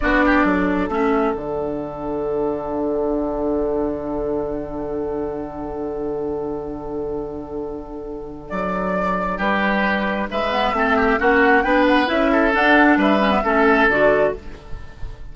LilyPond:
<<
  \new Staff \with { instrumentName = "flute" } { \time 4/4 \tempo 4 = 134 d''2 e''4 fis''4~ | fis''1~ | fis''1~ | fis''1~ |
fis''2. d''4~ | d''4 b'2 e''4~ | e''4 fis''4 g''8 fis''8 e''4 | fis''4 e''2 d''4 | }
  \new Staff \with { instrumentName = "oboe" } { \time 4/4 fis'8 g'8 a'2.~ | a'1~ | a'1~ | a'1~ |
a'1~ | a'4 g'2 b'4 | a'8 g'8 fis'4 b'4. a'8~ | a'4 b'4 a'2 | }
  \new Staff \with { instrumentName = "clarinet" } { \time 4/4 d'2 cis'4 d'4~ | d'1~ | d'1~ | d'1~ |
d'1~ | d'2.~ d'8 b8 | c'4 cis'4 d'4 e'4 | d'4. cis'16 b16 cis'4 fis'4 | }
  \new Staff \with { instrumentName = "bassoon" } { \time 4/4 b4 fis4 a4 d4~ | d1~ | d1~ | d1~ |
d2. fis4~ | fis4 g2 gis4 | a4 ais4 b4 cis'4 | d'4 g4 a4 d4 | }
>>